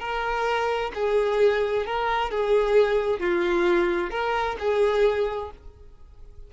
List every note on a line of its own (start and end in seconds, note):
0.00 0.92 A#4
0.94 1.86 G#4
1.86 2.31 A#4
2.31 3.20 G#4
3.20 4.10 F4
4.10 4.56 A#4
4.59 5.51 G#4